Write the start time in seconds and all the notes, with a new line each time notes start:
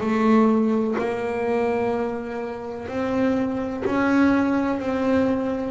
0.00 A3
0.98 A#3
2.87 C4
3.85 C#4
4.79 C4